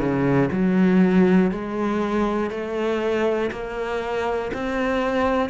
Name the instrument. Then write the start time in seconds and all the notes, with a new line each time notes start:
cello
0.00 C#3
0.53 F#3
1.52 G#3
2.51 A3
3.51 A#3
4.54 C4